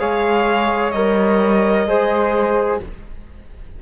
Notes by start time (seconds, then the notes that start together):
0.00 G#3 G#4 C#5 F5
0.92 G3 A#4 D#5
1.86 G#3 G#4 C5